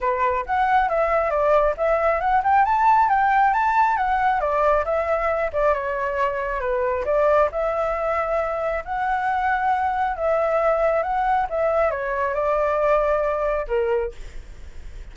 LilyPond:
\new Staff \with { instrumentName = "flute" } { \time 4/4 \tempo 4 = 136 b'4 fis''4 e''4 d''4 | e''4 fis''8 g''8 a''4 g''4 | a''4 fis''4 d''4 e''4~ | e''8 d''8 cis''2 b'4 |
d''4 e''2. | fis''2. e''4~ | e''4 fis''4 e''4 cis''4 | d''2. ais'4 | }